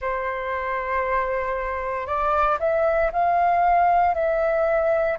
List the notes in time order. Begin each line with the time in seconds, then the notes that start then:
0.00 C5
2.06 D5
2.59 E5
3.12 F5
4.14 E5